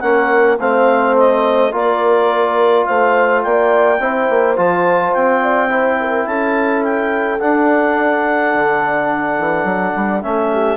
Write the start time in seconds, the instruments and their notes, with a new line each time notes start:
0.00 bassoon A#3, trombone C#4, clarinet F#5
0.06 horn A#4
0.59 bassoon A3, trombone C4, horn C5, clarinet F5
1.17 clarinet D#5
1.71 bassoon A#3, trombone F4, horn A#4, clarinet D5
2.85 bassoon A3, horn C5, clarinet F5
3.42 bassoon A#3, horn D5, clarinet G5
4.00 bassoon C4, trombone E4, horn C5
4.30 bassoon A#3
4.56 bassoon F3, trombone F4, clarinet A5
5.13 bassoon C4, clarinet G5
5.42 horn D5
5.69 trombone E4, horn C5
6.00 horn A#4
6.26 bassoon C#4, horn A4, clarinet A5
6.84 clarinet G5
7.40 trombone D4, bassoon D4, clarinet F#5
8.54 bassoon D3
9.39 bassoon E3
9.64 bassoon F#3
9.95 bassoon G3
10.22 bassoon A3, trombone C#4, clarinet E5
10.52 horn G4